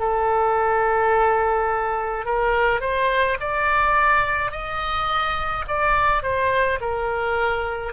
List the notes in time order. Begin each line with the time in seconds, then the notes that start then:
0.00 A4
2.25 A#4
2.81 C5
3.40 D5
4.52 D#5
5.68 D5
6.23 C5
6.81 A#4